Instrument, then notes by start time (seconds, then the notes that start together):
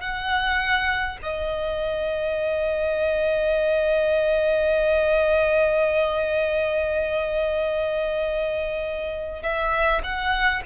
violin
0.00 F#5
1.22 D#5
9.42 E5
10.03 F#5